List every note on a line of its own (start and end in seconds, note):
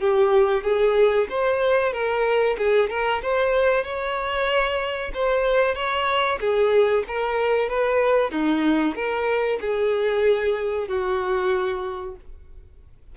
0.00 0.63 G4
0.63 1.27 G#4
1.29 1.92 C5
1.92 2.56 A#4
2.57 2.89 G#4
2.89 3.21 A#4
3.22 3.84 C5
3.84 5.11 C#5
5.14 5.74 C5
5.74 6.38 C#5
6.40 7.04 G#4
7.07 7.69 A#4
7.69 8.31 B4
8.31 8.95 D#4
8.95 9.59 A#4
9.60 10.88 G#4
10.88 12.15 F#4